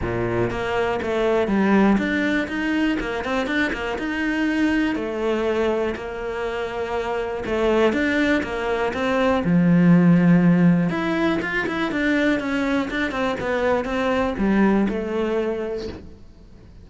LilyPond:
\new Staff \with { instrumentName = "cello" } { \time 4/4 \tempo 4 = 121 ais,4 ais4 a4 g4 | d'4 dis'4 ais8 c'8 d'8 ais8 | dis'2 a2 | ais2. a4 |
d'4 ais4 c'4 f4~ | f2 e'4 f'8 e'8 | d'4 cis'4 d'8 c'8 b4 | c'4 g4 a2 | }